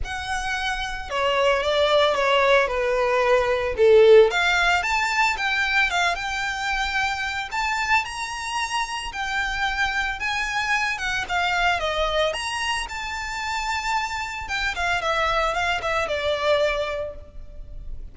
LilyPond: \new Staff \with { instrumentName = "violin" } { \time 4/4 \tempo 4 = 112 fis''2 cis''4 d''4 | cis''4 b'2 a'4 | f''4 a''4 g''4 f''8 g''8~ | g''2 a''4 ais''4~ |
ais''4 g''2 gis''4~ | gis''8 fis''8 f''4 dis''4 ais''4 | a''2. g''8 f''8 | e''4 f''8 e''8 d''2 | }